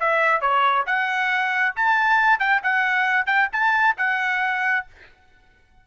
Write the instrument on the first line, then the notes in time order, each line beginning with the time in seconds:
trumpet
0.00 E5
0.41 C#5
0.86 F#5
1.76 A5
2.40 G5
2.63 F#5
3.26 G5
3.52 A5
3.98 F#5